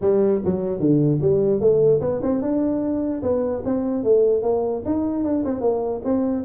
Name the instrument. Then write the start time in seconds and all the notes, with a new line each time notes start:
tuba
0.01 G3
0.44 F#3
0.79 D3
1.21 G3
1.60 A3
2.00 B3
2.22 C4
2.41 D4
3.22 B3
3.64 C4
4.03 A3
4.42 A#3
4.85 D#4
5.23 D4
5.45 C4
5.61 A#3
6.04 C4